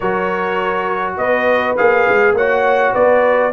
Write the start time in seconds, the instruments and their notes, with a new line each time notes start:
0.00 tuba F#3, trombone F#4, horn A#4, trumpet C#5
1.16 tuba B3, horn B4, trumpet D#5
1.76 tuba A#3, trombone G#4, trumpet F5
2.08 tuba G#3
2.32 tuba A#3, trombone F#4, horn C#5, trumpet F#5
2.92 tuba B3, horn B4, trumpet D5